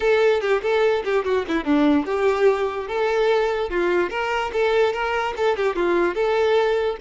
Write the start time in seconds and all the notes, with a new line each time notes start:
0.00 A4
0.41 G4
0.62 A4
1.04 G4
1.24 F#4
1.48 E4
1.64 D4
2.05 G4
2.87 A4
3.70 F4
4.10 A#4
4.52 A4
4.93 A#4
5.36 A4
5.56 G4
5.75 F4
6.14 A4